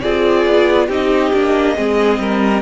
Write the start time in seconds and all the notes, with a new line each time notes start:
0.00 C4 F4 G#4 D5
0.46 B3
0.88 C4 D#4 G4 D#5
1.33 A#3 D4
1.76 G#3 C4 G#4
2.19 G3 A#4